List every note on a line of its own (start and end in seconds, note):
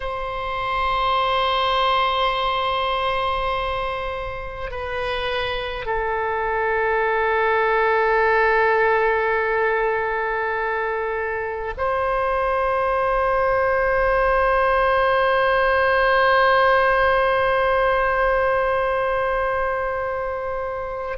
0.00 4.71 C5
4.71 5.85 B4
5.85 11.73 A4
11.77 21.18 C5